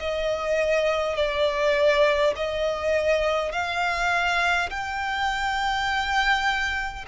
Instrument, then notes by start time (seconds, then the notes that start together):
violin
0.00 D#5
1.16 D5
2.36 D#5
3.52 F5
4.70 G5